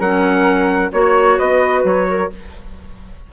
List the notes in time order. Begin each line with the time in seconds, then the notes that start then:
0.00 F#3 C#4 A#4 F#5
0.93 A#3 F#4 C#5
1.39 B3 B4 D#5
1.84 F#3 C#5
2.10 A#4